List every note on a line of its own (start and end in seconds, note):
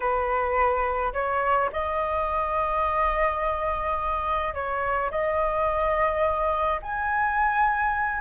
0.00 1.12 B4
1.13 1.70 C#5
1.72 4.53 D#5
4.53 5.10 C#5
5.10 6.80 D#5
6.82 8.21 G#5